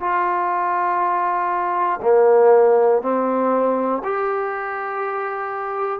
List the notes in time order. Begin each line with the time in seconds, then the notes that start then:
0.00 F4
2.02 A#3
3.02 C4
4.04 G4